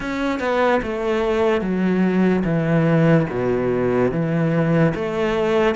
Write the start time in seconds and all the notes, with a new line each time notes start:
0.00 C#4
0.39 B3
0.82 A3
1.61 F#3
2.44 E3
3.30 B2
4.11 E3
4.95 A3